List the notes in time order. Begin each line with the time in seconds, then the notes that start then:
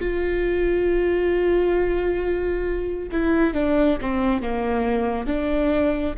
0.00 F4
3.12 E4
3.54 D4
4.01 C4
4.42 A#3
5.27 D4